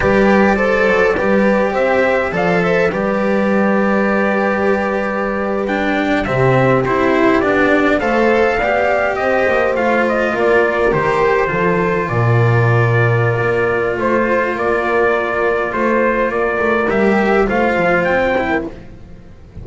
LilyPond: <<
  \new Staff \with { instrumentName = "trumpet" } { \time 4/4 \tempo 4 = 103 d''2. e''4 | f''8 e''8 d''2.~ | d''4.~ d''16 g''4 e''4 c''16~ | c''8. d''4 f''2 dis''16~ |
dis''8. f''8 dis''8 d''4 c''4~ c''16~ | c''8. d''2.~ d''16 | c''4 d''2 c''4 | d''4 e''4 f''4 g''4 | }
  \new Staff \with { instrumentName = "horn" } { \time 4/4 b'4 c''4 b'4 c''4 | d''8 c''8 b'2.~ | b'2~ b'8. g'4~ g'16~ | g'4.~ g'16 c''4 d''4 c''16~ |
c''4.~ c''16 ais'2 a'16~ | a'8. ais'2.~ ais'16 | c''4 ais'2 c''4 | ais'2 c''4.~ c''16 ais'16 | }
  \new Staff \with { instrumentName = "cello" } { \time 4/4 g'4 a'4 g'2 | a'4 g'2.~ | g'4.~ g'16 d'4 c'4 e'16~ | e'8. d'4 a'4 g'4~ g'16~ |
g'8. f'2 g'4 f'16~ | f'1~ | f'1~ | f'4 g'4 f'4. e'8 | }
  \new Staff \with { instrumentName = "double bass" } { \time 4/4 g4. fis8 g4 c'4 | f4 g2.~ | g2~ g8. c4 c'16~ | c'8. b4 a4 b4 c'16~ |
c'16 ais8 a4 ais4 dis4 f16~ | f8. ais,2~ ais,16 ais4 | a4 ais2 a4 | ais8 a8 g4 a8 f8 c'4 | }
>>